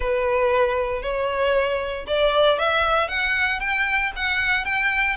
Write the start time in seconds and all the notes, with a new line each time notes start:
0.00 B4
1.02 C#5
2.07 D5
2.59 E5
3.08 F#5
3.60 G5
4.15 F#5
4.64 G5